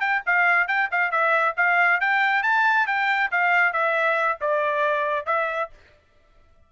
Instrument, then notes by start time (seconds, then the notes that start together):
trumpet
0.00 G5
0.26 F5
0.67 G5
0.91 F5
1.11 E5
1.57 F5
2.00 G5
2.43 A5
2.87 G5
3.31 F5
3.73 E5
4.41 D5
5.26 E5